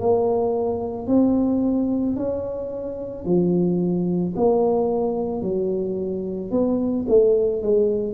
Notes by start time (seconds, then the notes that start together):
0.00 A#3
1.07 C4
2.17 C#4
3.25 F3
4.36 A#3
5.42 F#3
6.51 B3
7.08 A3
7.62 G#3